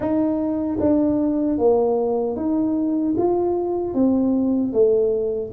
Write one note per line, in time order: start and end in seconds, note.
0.00 0.78 D#4
0.80 1.58 D4
1.58 2.36 A#3
2.36 3.15 D#4
3.17 3.93 F4
3.93 4.72 C4
4.72 5.51 A3